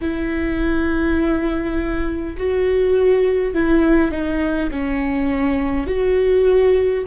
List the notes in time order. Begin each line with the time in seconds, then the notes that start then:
0.01 E4
2.37 F#4
3.53 E4
4.11 D#4
4.71 C#4
5.86 F#4